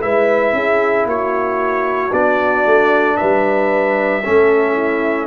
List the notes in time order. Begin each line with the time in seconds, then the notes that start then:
0.00 G#3 E4 B4 E5
0.52 C#4 G#4
1.05 A#3 F#4 C#5
2.11 B3 D4 D5
2.65 A3
3.16 G3 B4 E5
4.22 A3 C#4 A4
4.72 E4